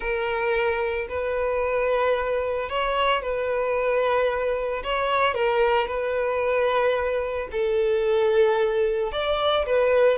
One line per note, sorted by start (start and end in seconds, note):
0.00 1.07 A#4
1.09 2.69 B4
2.69 3.21 C#5
3.21 4.82 B4
4.83 5.34 C#5
5.34 5.87 A#4
5.87 7.48 B4
7.51 9.12 A4
9.12 9.65 D5
9.66 10.18 B4